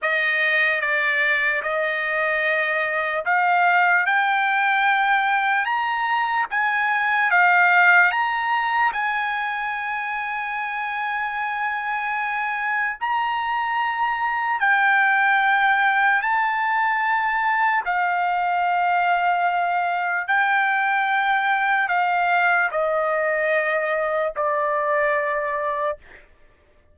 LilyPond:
\new Staff \with { instrumentName = "trumpet" } { \time 4/4 \tempo 4 = 74 dis''4 d''4 dis''2 | f''4 g''2 ais''4 | gis''4 f''4 ais''4 gis''4~ | gis''1 |
ais''2 g''2 | a''2 f''2~ | f''4 g''2 f''4 | dis''2 d''2 | }